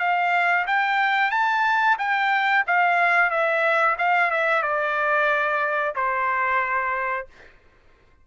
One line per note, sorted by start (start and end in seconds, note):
0.00 0.66 F5
0.67 1.31 G5
1.31 1.97 A5
1.99 2.65 G5
2.67 3.31 F5
3.31 3.97 E5
3.99 4.31 F5
4.31 4.63 E5
4.63 5.95 D5
5.96 7.27 C5